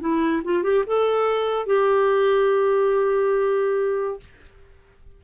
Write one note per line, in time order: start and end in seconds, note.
0.00 0.42 E4
0.44 0.63 F4
0.63 0.84 G4
0.87 1.66 A4
1.66 4.20 G4